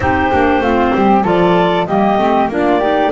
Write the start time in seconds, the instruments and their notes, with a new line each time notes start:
0.00 double bass C4, clarinet D#4 C5, flute G4
0.31 double bass A#3, clarinet D4
0.60 double bass A3, clarinet C4, flute F4
0.95 double bass G3, flute G4
1.23 double bass F3, clarinet F4 D5, flute A4
1.86 double bass G3, clarinet A#3 D#5, flute G4
2.18 double bass A3, clarinet C4
2.48 double bass A#3, clarinet D4 D5, flute F4
2.79 clarinet D#4, flute G4